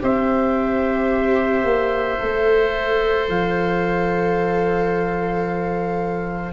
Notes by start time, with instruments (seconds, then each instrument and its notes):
0.00 tuba C4, viola G4, oboe C5, trumpet E5
1.63 tuba A#3
2.19 tuba A3, viola A4
3.29 tuba F3, trumpet F5